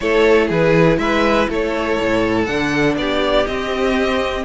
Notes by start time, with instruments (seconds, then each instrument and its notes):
0.00 cello A3, viola E4, violin A4 C#5
0.47 cello E3, violin G#4 B4
0.98 cello G#3, violin B4 E5
1.49 cello A3, violin A4 C#5
1.99 cello A2
2.45 cello D3, viola D4, violin F#5
2.96 cello B3, violin G4 D5
3.46 viola C4, cello C4, violin D#5